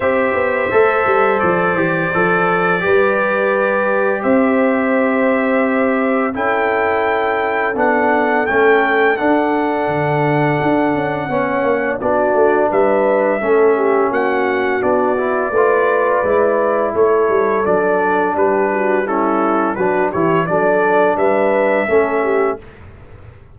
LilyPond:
<<
  \new Staff \with { instrumentName = "trumpet" } { \time 4/4 \tempo 4 = 85 e''2 d''2~ | d''2 e''2~ | e''4 g''2 fis''4 | g''4 fis''2.~ |
fis''4 d''4 e''2 | fis''4 d''2. | cis''4 d''4 b'4 a'4 | b'8 cis''8 d''4 e''2 | }
  \new Staff \with { instrumentName = "horn" } { \time 4/4 c''1 | b'2 c''2~ | c''4 a'2.~ | a'1 |
cis''4 fis'4 b'4 a'8 g'8 | fis'2 b'2 | a'2 g'8 fis'8 e'4 | fis'8 g'8 a'4 b'4 a'8 g'8 | }
  \new Staff \with { instrumentName = "trombone" } { \time 4/4 g'4 a'4. g'8 a'4 | g'1~ | g'4 e'2 d'4 | cis'4 d'2. |
cis'4 d'2 cis'4~ | cis'4 d'8 e'8 f'4 e'4~ | e'4 d'2 cis'4 | d'8 e'8 d'2 cis'4 | }
  \new Staff \with { instrumentName = "tuba" } { \time 4/4 c'8 b8 a8 g8 f8 e8 f4 | g2 c'2~ | c'4 cis'2 b4 | a4 d'4 d4 d'8 cis'8 |
b8 ais8 b8 a8 g4 a4 | ais4 b4 a4 gis4 | a8 g8 fis4 g2 | fis8 e8 fis4 g4 a4 | }
>>